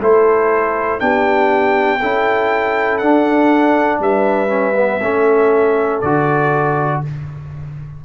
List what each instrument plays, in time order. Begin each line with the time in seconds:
0.00 tuba A3, trombone E4, horn A4, trumpet C5
1.00 tuba B3, trombone D4, horn G4, trumpet G5
1.99 tuba C#4, trombone E4, horn A4
2.98 tuba D4, trombone D4, trumpet F#5
4.00 tuba G3, horn B4, trumpet E5
4.48 trombone C#4
4.76 trombone B3
5.01 tuba A3, trombone C#4, horn A4
6.01 tuba D3, trombone F#4, trumpet D5